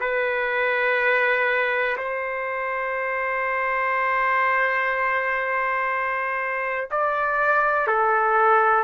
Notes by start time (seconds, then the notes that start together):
0.00 B4
1.97 C5
6.90 D5
7.87 A4